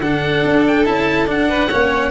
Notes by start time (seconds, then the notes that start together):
0.00 D3 D4 A4 F#5
0.45 D4
0.67 G5
0.85 C#4 E4 A5
1.27 D4 F#5
1.49 B4
1.69 A#3 C#4 C#5